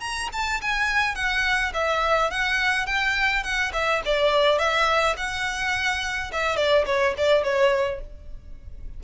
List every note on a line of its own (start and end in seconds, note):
0.00 0.29 A#5
0.32 0.61 A5
0.61 1.15 G#5
1.15 1.72 F#5
1.73 2.30 E5
2.30 2.86 F#5
2.86 3.43 G5
3.43 3.71 F#5
3.73 4.01 E5
4.05 4.58 D5
4.58 5.15 E5
5.17 6.31 F#5
6.32 6.56 E5
6.56 6.85 D5
6.85 7.14 C#5
7.17 7.43 D5
7.43 8.00 C#5